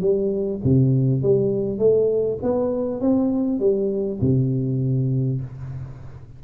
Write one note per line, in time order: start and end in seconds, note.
0.00 0.60 G3
0.64 1.22 C3
1.22 1.78 G3
1.78 2.38 A3
2.42 3.01 B3
3.01 3.59 C4
3.59 4.19 G3
4.20 5.40 C3